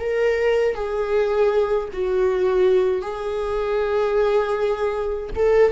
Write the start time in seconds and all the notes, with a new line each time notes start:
0.00 A#4
0.75 G#4
1.93 F#4
3.02 G#4
5.36 A4